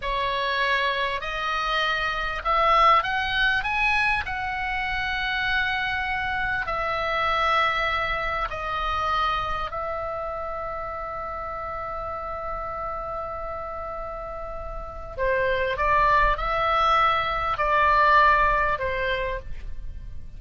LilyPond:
\new Staff \with { instrumentName = "oboe" } { \time 4/4 \tempo 4 = 99 cis''2 dis''2 | e''4 fis''4 gis''4 fis''4~ | fis''2. e''4~ | e''2 dis''2 |
e''1~ | e''1~ | e''4 c''4 d''4 e''4~ | e''4 d''2 c''4 | }